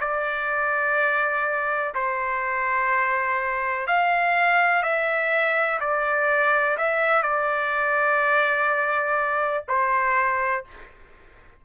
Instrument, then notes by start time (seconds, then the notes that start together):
trumpet
0.00 D5
1.94 C5
3.87 F5
4.83 E5
5.80 D5
6.77 E5
7.22 D5
9.68 C5